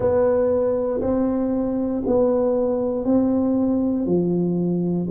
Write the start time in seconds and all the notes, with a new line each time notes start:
0.00 B3
1.01 C4
2.06 B3
3.04 C4
4.05 F3